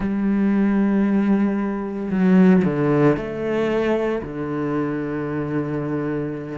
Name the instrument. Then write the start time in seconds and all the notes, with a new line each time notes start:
cello
0.00 G3
2.11 F#3
2.64 D3
3.16 A3
4.22 D3